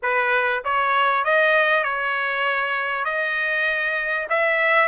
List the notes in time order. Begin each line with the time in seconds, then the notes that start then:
0.02 B4
0.64 C#5
1.24 D#5
1.83 C#5
3.04 D#5
4.29 E5